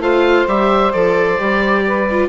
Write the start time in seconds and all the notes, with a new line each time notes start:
0.00 A3 F4 C5 F5
0.48 G3 G4 E5
0.93 F3 A4 D5
1.38 G3 G4
1.87 B4
2.11 F4